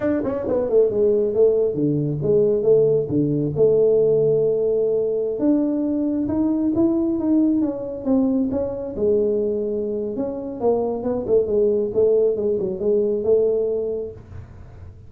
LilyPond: \new Staff \with { instrumentName = "tuba" } { \time 4/4 \tempo 4 = 136 d'8 cis'8 b8 a8 gis4 a4 | d4 gis4 a4 d4 | a1~ | a16 d'2 dis'4 e'8.~ |
e'16 dis'4 cis'4 c'4 cis'8.~ | cis'16 gis2~ gis8. cis'4 | ais4 b8 a8 gis4 a4 | gis8 fis8 gis4 a2 | }